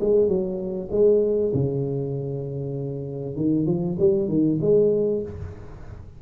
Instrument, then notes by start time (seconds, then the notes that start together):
tuba
0.00 G#3
0.27 F#3
0.91 G#3
1.53 C#3
3.35 D#3
3.66 F3
3.99 G3
4.28 D#3
4.61 G#3